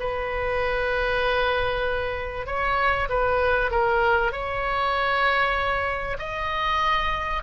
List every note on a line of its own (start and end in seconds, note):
0.00 2.47 B4
2.47 3.09 C#5
3.10 3.71 B4
3.71 4.32 A#4
4.32 6.18 C#5
6.19 7.43 D#5